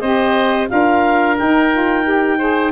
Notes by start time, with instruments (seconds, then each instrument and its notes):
0.00 tuba C4, saxophone G4, oboe C5, clarinet D#5
0.68 tuba D4, saxophone F4, oboe A#4, clarinet F5
1.36 saxophone D#4, tuba D#4, clarinet G5
1.72 saxophone F4
2.04 saxophone G4
2.38 saxophone G#4, oboe C5